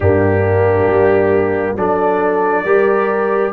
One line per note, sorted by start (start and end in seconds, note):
0.00 0.86 G2
0.00 1.78 A#3
0.00 1.75 D4
0.00 1.76 G4
0.86 1.74 G3
1.75 2.63 F#3
1.75 2.65 D4
1.75 2.64 A4
1.75 3.53 D5
2.64 3.52 G3
2.64 3.53 G4
2.64 3.52 A#4